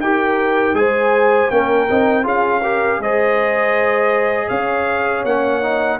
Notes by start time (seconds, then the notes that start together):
0.00 D#4 G4 A#4 G5
0.73 G#3 G#4 C5 G#5
1.50 A#3 C#4 A#4 G5
1.90 C4 D#4
2.23 C#4 F4 G#4 F5
2.62 G4 A#4
2.99 G#3 G#4 C5 D#5
4.48 C#4 C#5 F5
5.24 A#3 C#4 F#5
5.62 D#4